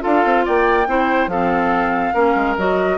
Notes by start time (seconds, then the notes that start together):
0.00 D4 F4 A4 F5
0.25 C4
0.45 A#3 D5 G5
0.87 C4 E4 C5
1.27 F3 C4 A4 F5
2.14 A#3 C#4 A#4
2.35 G#3
2.57 F#3 F#4 D#5